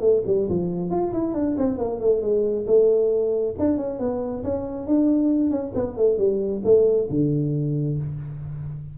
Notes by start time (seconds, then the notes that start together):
0.00 A3
0.26 G3
0.49 F3
0.90 F4
1.12 E4
1.33 D4
1.57 C4
1.78 A#3
2.00 A3
2.21 G#3
2.66 A3
3.58 D4
3.77 C#4
3.99 B3
4.43 C#4
4.86 D4
5.50 C#4
5.75 B3
5.96 A3
6.18 G3
6.64 A3
7.09 D3